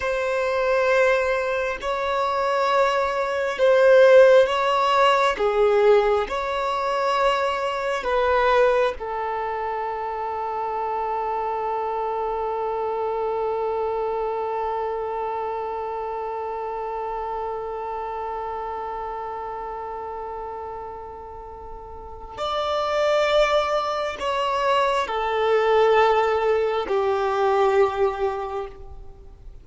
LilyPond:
\new Staff \with { instrumentName = "violin" } { \time 4/4 \tempo 4 = 67 c''2 cis''2 | c''4 cis''4 gis'4 cis''4~ | cis''4 b'4 a'2~ | a'1~ |
a'1~ | a'1~ | a'4 d''2 cis''4 | a'2 g'2 | }